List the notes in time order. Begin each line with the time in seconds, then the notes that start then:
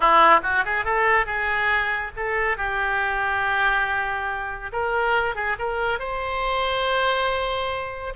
0.00 E4
0.42 F#4
0.64 G#4
0.84 A4
1.26 G#4
2.16 A4
2.57 G4
4.72 A#4
5.35 G#4
5.58 A#4
5.99 C5